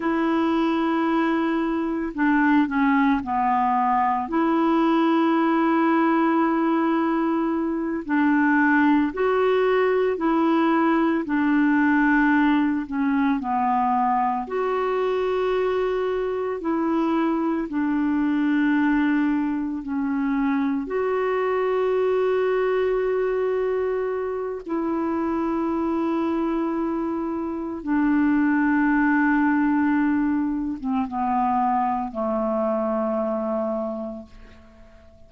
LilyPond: \new Staff \with { instrumentName = "clarinet" } { \time 4/4 \tempo 4 = 56 e'2 d'8 cis'8 b4 | e'2.~ e'8 d'8~ | d'8 fis'4 e'4 d'4. | cis'8 b4 fis'2 e'8~ |
e'8 d'2 cis'4 fis'8~ | fis'2. e'4~ | e'2 d'2~ | d'8. c'16 b4 a2 | }